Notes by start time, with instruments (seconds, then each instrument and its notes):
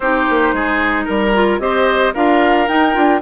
0.00 bassoon C4, clarinet D#4, oboe G4, flute C5
0.29 bassoon A#3
0.52 bassoon G#3, oboe G#4
1.05 bassoon G3, oboe A#4, flute A#4
1.34 clarinet F4
1.59 bassoon C4, clarinet G4, oboe C5, flute D#5
2.14 bassoon D4, clarinet F4, oboe A#4, flute F5
2.67 clarinet D#4, bassoon D#4, flute G5
2.93 bassoon D4, clarinet F4